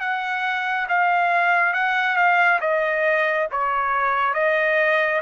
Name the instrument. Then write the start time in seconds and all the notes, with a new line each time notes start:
trumpet
0.00 F#5
0.88 F5
1.73 F#5
2.16 F5
2.60 D#5
3.51 C#5
4.34 D#5